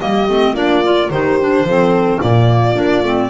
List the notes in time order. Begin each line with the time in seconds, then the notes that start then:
0.00 G3 A#3 G4 D#5
0.29 A3 C4
0.53 A#3 D4 F4 D5
0.85 F4
1.10 D#3 D#4 G4 C5
1.40 D4
1.64 F3 C4 A4
2.21 A#2 A#3 F4 D5
2.75 A#3 D4
3.03 A3 C4